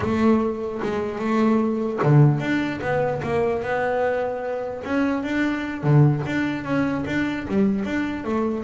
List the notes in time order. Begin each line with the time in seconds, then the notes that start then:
0.00 A3
0.82 G#3
1.18 A3
2.02 D3
2.39 D4
2.81 B3
3.22 A#3
3.62 B3
4.84 C#4
5.23 D4
5.83 D3
6.26 D4
6.64 C#4
7.06 D4
7.48 G3
7.84 D4
8.24 A3